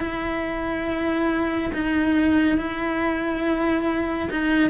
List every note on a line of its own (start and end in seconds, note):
0.00 1.71 E4
1.74 2.58 D#4
2.58 4.29 E4
4.31 4.70 D#4